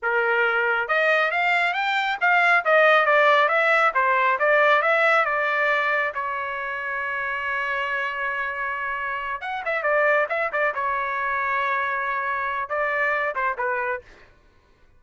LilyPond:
\new Staff \with { instrumentName = "trumpet" } { \time 4/4 \tempo 4 = 137 ais'2 dis''4 f''4 | g''4 f''4 dis''4 d''4 | e''4 c''4 d''4 e''4 | d''2 cis''2~ |
cis''1~ | cis''4. fis''8 e''8 d''4 e''8 | d''8 cis''2.~ cis''8~ | cis''4 d''4. c''8 b'4 | }